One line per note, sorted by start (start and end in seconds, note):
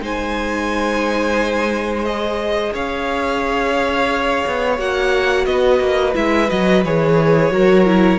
0.00 2.73 G#3
0.00 2.06 D#4
0.00 2.73 C5
0.00 2.04 G#5
2.04 4.78 G#4
2.04 2.72 D#5
2.73 4.44 C#4
2.73 5.46 C#5
2.73 4.79 F5
4.46 4.78 B3
4.78 5.46 A#3
4.78 6.13 F#4
4.78 5.45 F#5
5.45 5.80 B3
5.45 7.52 B4
5.45 6.13 D#5
5.80 6.14 A#3
6.13 6.50 G#3
6.13 6.48 E4
6.13 6.49 E5
6.48 6.84 F#3
6.48 6.82 F#4
6.48 6.84 D#5
6.84 7.50 E3
6.84 7.51 G#4
6.84 8.19 C#5
7.50 8.18 F#3
7.50 7.85 F#4
7.50 8.19 A#4
7.85 8.19 E4